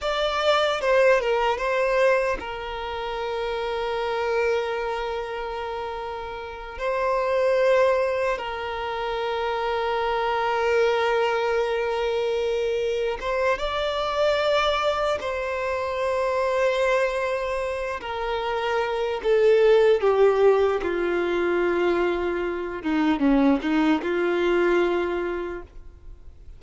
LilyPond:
\new Staff \with { instrumentName = "violin" } { \time 4/4 \tempo 4 = 75 d''4 c''8 ais'8 c''4 ais'4~ | ais'1~ | ais'8 c''2 ais'4.~ | ais'1~ |
ais'8 c''8 d''2 c''4~ | c''2~ c''8 ais'4. | a'4 g'4 f'2~ | f'8 dis'8 cis'8 dis'8 f'2 | }